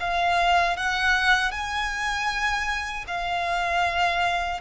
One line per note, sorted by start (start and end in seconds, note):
0.00 0.77 F5
0.77 1.52 F#5
1.52 3.06 G#5
3.08 4.61 F5